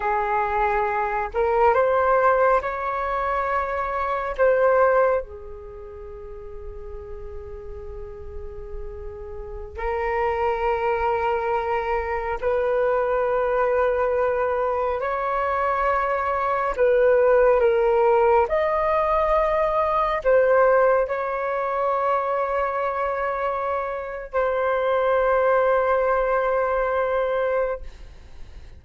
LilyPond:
\new Staff \with { instrumentName = "flute" } { \time 4/4 \tempo 4 = 69 gis'4. ais'8 c''4 cis''4~ | cis''4 c''4 gis'2~ | gis'2.~ gis'16 ais'8.~ | ais'2~ ais'16 b'4.~ b'16~ |
b'4~ b'16 cis''2 b'8.~ | b'16 ais'4 dis''2 c''8.~ | c''16 cis''2.~ cis''8. | c''1 | }